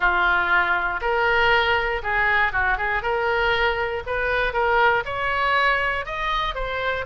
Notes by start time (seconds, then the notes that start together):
0.00 F4
1.01 A#4
2.02 G#4
2.52 F#4
2.77 G#4
3.02 A#4
4.06 B4
4.53 A#4
5.05 C#5
6.05 D#5
6.54 C5